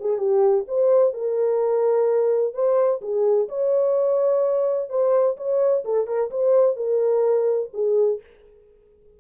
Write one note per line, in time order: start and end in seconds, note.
0.00 0.18 G#4
0.18 0.65 G4
0.68 1.14 C5
1.14 2.54 A#4
2.54 3.00 C5
3.01 3.48 G#4
3.49 4.89 C#5
4.89 5.36 C5
5.37 5.84 C#5
5.85 6.07 A4
6.07 6.30 A#4
6.30 6.76 C5
6.76 7.70 A#4
7.73 8.20 G#4